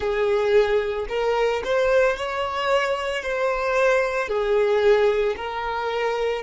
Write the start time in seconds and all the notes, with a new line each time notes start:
0.00 G#4
1.08 A#4
1.64 C5
2.17 C#5
3.22 C5
4.28 G#4
5.36 A#4